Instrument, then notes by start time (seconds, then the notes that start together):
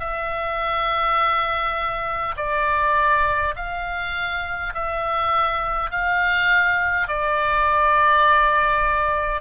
oboe
0.00 E5
2.37 D5
3.56 F5
4.74 E5
5.91 F5
7.08 D5